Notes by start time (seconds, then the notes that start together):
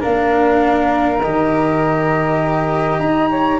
0.00 A#3 D4 A#4 F5
1.22 D#3 G4 D#5
2.99 D#4 D#5 A#5
3.30 C#5